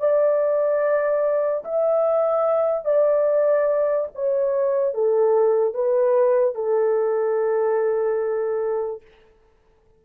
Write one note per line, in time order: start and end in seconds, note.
0.00 1.64 D5
1.65 2.85 E5
2.85 4.08 D5
4.15 4.94 C#5
4.94 5.74 A4
5.74 6.55 B4
6.55 9.02 A4